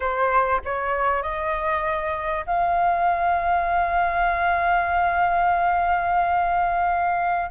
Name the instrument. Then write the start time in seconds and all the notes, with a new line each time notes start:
flute
0.00 C5
0.65 C#5
1.22 D#5
2.46 F5